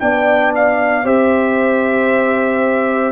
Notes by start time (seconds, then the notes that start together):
0.00 B3 D4 D5 G5
0.56 F5
1.05 C4 G4 C5 E5